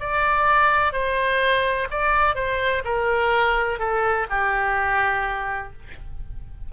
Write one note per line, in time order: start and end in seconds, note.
0.00 0.93 D5
0.93 1.88 C5
1.90 2.35 D5
2.35 2.83 C5
2.85 3.79 A#4
3.79 4.27 A4
4.30 5.73 G4